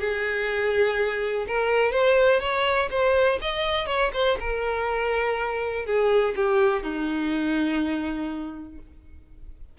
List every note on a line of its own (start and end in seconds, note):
0.00 1.46 G#4
1.47 1.92 A#4
1.92 2.41 C5
2.41 2.89 C#5
2.91 3.39 C5
3.41 3.87 D#5
3.87 4.11 C#5
4.14 4.38 C5
4.40 5.86 A#4
5.86 6.35 G#4
6.36 6.83 G4
6.83 8.78 D#4